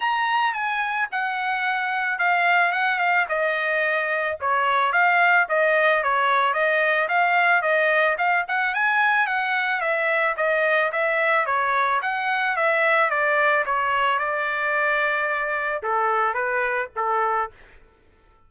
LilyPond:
\new Staff \with { instrumentName = "trumpet" } { \time 4/4 \tempo 4 = 110 ais''4 gis''4 fis''2 | f''4 fis''8 f''8 dis''2 | cis''4 f''4 dis''4 cis''4 | dis''4 f''4 dis''4 f''8 fis''8 |
gis''4 fis''4 e''4 dis''4 | e''4 cis''4 fis''4 e''4 | d''4 cis''4 d''2~ | d''4 a'4 b'4 a'4 | }